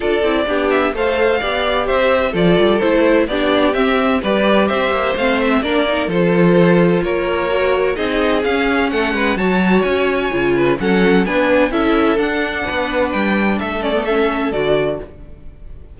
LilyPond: <<
  \new Staff \with { instrumentName = "violin" } { \time 4/4 \tempo 4 = 128 d''4. e''8 f''2 | e''4 d''4 c''4 d''4 | e''4 d''4 e''4 f''8 e''8 | d''4 c''2 cis''4~ |
cis''4 dis''4 f''4 fis''4 | a''4 gis''2 fis''4 | gis''4 e''4 fis''2 | g''4 e''8 d''8 e''4 d''4 | }
  \new Staff \with { instrumentName = "violin" } { \time 4/4 a'4 g'4 c''4 d''4 | c''4 a'2 g'4~ | g'4 b'4 c''2 | ais'4 a'2 ais'4~ |
ais'4 gis'2 a'8 b'8 | cis''2~ cis''8 b'8 a'4 | b'4 a'2 b'4~ | b'4 a'2. | }
  \new Staff \with { instrumentName = "viola" } { \time 4/4 f'8 e'8 d'4 a'4 g'4~ | g'4 f'4 e'4 d'4 | c'4 g'2 c'4 | d'8 dis'8 f'2. |
fis'4 dis'4 cis'2 | fis'2 f'4 cis'4 | d'4 e'4 d'2~ | d'4. cis'16 b16 cis'4 fis'4 | }
  \new Staff \with { instrumentName = "cello" } { \time 4/4 d'8 c'8 b4 a4 b4 | c'4 f8 g8 a4 b4 | c'4 g4 c'8 ais8 a4 | ais4 f2 ais4~ |
ais4 c'4 cis'4 a8 gis8 | fis4 cis'4 cis4 fis4 | b4 cis'4 d'4 b4 | g4 a2 d4 | }
>>